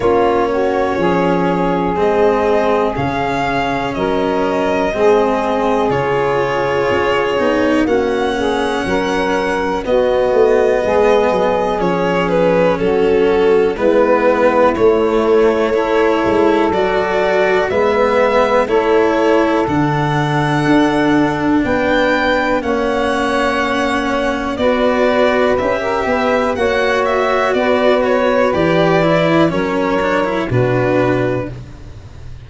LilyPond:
<<
  \new Staff \with { instrumentName = "violin" } { \time 4/4 \tempo 4 = 61 cis''2 dis''4 f''4 | dis''2 cis''2 | fis''2 dis''2 | cis''8 b'8 a'4 b'4 cis''4~ |
cis''4 d''4 e''4 cis''4 | fis''2 g''4 fis''4~ | fis''4 d''4 e''4 fis''8 e''8 | d''8 cis''8 d''4 cis''4 b'4 | }
  \new Staff \with { instrumentName = "saxophone" } { \time 4/4 f'8 fis'8 gis'2. | ais'4 gis'2. | fis'8 gis'8 ais'4 fis'4 gis'4~ | gis'4 fis'4 e'2 |
a'2 b'4 a'4~ | a'2 b'4 cis''4~ | cis''4 b'4~ b'16 ais'16 b'8 cis''4 | b'2 ais'4 fis'4 | }
  \new Staff \with { instrumentName = "cello" } { \time 4/4 cis'2 c'4 cis'4~ | cis'4 c'4 f'4. dis'8 | cis'2 b2 | cis'2 b4 a4 |
e'4 fis'4 b4 e'4 | d'2. cis'4~ | cis'4 fis'4 g'4 fis'4~ | fis'4 g'8 e'8 cis'8 d'16 e'16 d'4 | }
  \new Staff \with { instrumentName = "tuba" } { \time 4/4 ais4 f4 gis4 cis4 | fis4 gis4 cis4 cis'8 b8 | ais4 fis4 b8 a8 gis8 fis8 | f4 fis4 gis4 a4~ |
a8 gis8 fis4 gis4 a4 | d4 d'4 b4 ais4~ | ais4 b4 cis'8 b8 ais4 | b4 e4 fis4 b,4 | }
>>